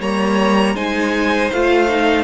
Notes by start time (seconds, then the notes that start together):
0.00 G3 A#3 C#5 A#5
0.74 G#3 D#4 C5 G#5
1.52 A3 F4 F5
1.88 D#4